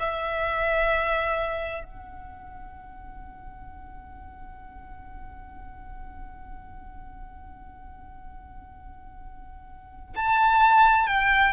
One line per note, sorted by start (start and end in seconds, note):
0.00 1.85 E5
1.85 10.15 F#5
10.16 11.07 A5
11.07 11.53 G5